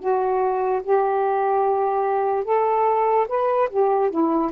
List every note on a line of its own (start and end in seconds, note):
0.00 0.82 F#4
0.84 2.45 G4
2.45 3.27 A4
3.29 3.70 B4
3.71 4.11 G4
4.11 4.52 E4